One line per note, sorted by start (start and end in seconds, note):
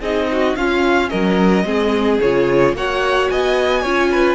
0.00 0.55 C4
0.00 0.57 D#4
0.00 0.27 G#4
0.00 0.56 D#5
0.32 0.59 F#4
0.56 1.10 C#4
0.56 1.65 C#4
0.56 1.10 F4
0.56 1.09 F5
1.09 1.64 F#3
1.09 1.65 A#4
1.09 2.18 D#5
1.64 2.19 G#3
1.64 2.19 C4
1.64 2.75 G#4
2.21 2.73 C#3
2.21 2.76 F4
2.21 2.75 C#5
2.73 3.28 A#3
2.73 3.85 F#4
2.73 3.32 C#5
2.73 3.30 F#5
3.30 3.84 B3
3.30 3.82 D#5
3.30 4.35 G#5
3.82 4.35 C#4
3.82 4.35 F4
3.82 4.09 C#5
4.11 4.35 B4